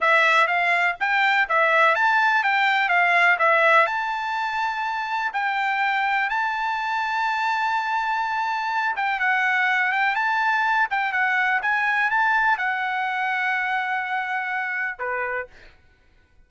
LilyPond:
\new Staff \with { instrumentName = "trumpet" } { \time 4/4 \tempo 4 = 124 e''4 f''4 g''4 e''4 | a''4 g''4 f''4 e''4 | a''2. g''4~ | g''4 a''2.~ |
a''2~ a''8 g''8 fis''4~ | fis''8 g''8 a''4. g''8 fis''4 | gis''4 a''4 fis''2~ | fis''2. b'4 | }